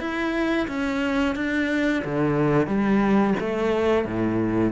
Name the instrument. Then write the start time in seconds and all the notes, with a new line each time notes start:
cello
0.00 E4
0.68 C#4
1.36 D4
2.05 D3
2.67 G3
3.40 A3
4.05 A2